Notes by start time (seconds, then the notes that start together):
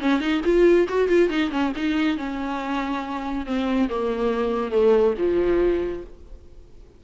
0.00 C#4
0.20 D#4
0.44 F4
0.88 F#4
1.08 F4
1.29 D#4
1.51 C#4
1.76 D#4
2.17 C#4
3.46 C4
3.89 A#3
4.71 A3
5.18 F3